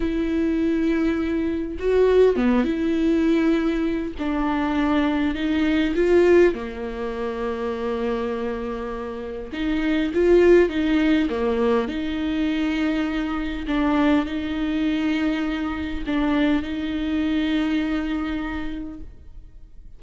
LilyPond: \new Staff \with { instrumentName = "viola" } { \time 4/4 \tempo 4 = 101 e'2. fis'4 | b8 e'2~ e'8 d'4~ | d'4 dis'4 f'4 ais4~ | ais1 |
dis'4 f'4 dis'4 ais4 | dis'2. d'4 | dis'2. d'4 | dis'1 | }